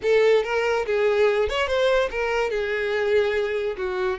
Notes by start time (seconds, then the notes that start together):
0.02 A4
0.43 A#4
0.86 G#4
1.49 C#5
1.67 C5
2.10 A#4
2.50 G#4
3.77 F#4